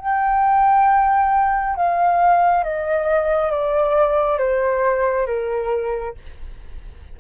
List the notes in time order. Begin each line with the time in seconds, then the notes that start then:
0.00 G5
1.76 F5
2.64 D#5
3.51 D5
4.39 C5
5.27 A#4